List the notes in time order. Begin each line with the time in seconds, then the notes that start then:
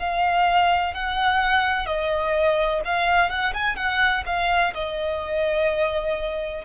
0.00 F5
0.94 F#5
1.86 D#5
2.85 F5
3.30 F#5
3.54 G#5
3.76 F#5
4.26 F5
4.74 D#5